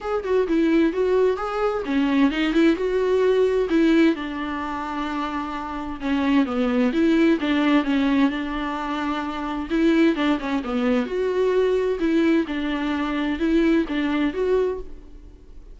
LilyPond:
\new Staff \with { instrumentName = "viola" } { \time 4/4 \tempo 4 = 130 gis'8 fis'8 e'4 fis'4 gis'4 | cis'4 dis'8 e'8 fis'2 | e'4 d'2.~ | d'4 cis'4 b4 e'4 |
d'4 cis'4 d'2~ | d'4 e'4 d'8 cis'8 b4 | fis'2 e'4 d'4~ | d'4 e'4 d'4 fis'4 | }